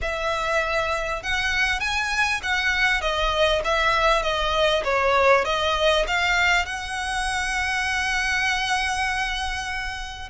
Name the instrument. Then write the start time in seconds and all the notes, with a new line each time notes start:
violin
0.01 E5
1.22 F#5
1.80 G#5
2.42 F#5
3.01 D#5
3.64 E5
4.22 D#5
4.84 C#5
5.45 D#5
6.07 F5
6.65 F#5